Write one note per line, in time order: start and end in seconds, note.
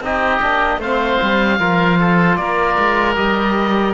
0.00 0.39 C4
0.00 0.41 D#4
0.00 0.80 G4
0.00 0.82 D#5
0.41 0.77 A#3
0.41 0.81 D4
0.77 1.17 A3
0.77 1.60 C4
0.77 1.59 C5
0.77 2.36 F5
1.22 1.59 G3
1.59 2.37 F3
1.59 3.15 F4
1.59 1.99 A#4
1.99 2.38 A4
2.36 2.77 A#3
2.36 3.94 A#4
2.36 3.15 D5
2.78 3.17 G#3
3.15 3.94 G3
3.15 3.94 G4
3.15 3.94 D#5